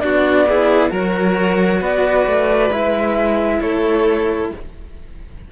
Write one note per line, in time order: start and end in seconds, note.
0.00 0.91 B3
0.00 0.45 D4
0.00 0.48 F#4
0.00 0.90 D5
0.48 0.90 E4
0.48 0.91 G#4
0.90 1.81 F#3
0.90 2.69 F#4
0.90 1.80 A#4
0.90 1.83 C#5
1.80 2.26 B3
1.80 3.59 B4
1.80 2.72 D5
2.26 2.70 A3
2.70 3.60 G#3
2.70 4.52 E4
2.70 3.61 E5
3.61 4.51 A3
3.61 4.51 A4
3.61 4.50 C#5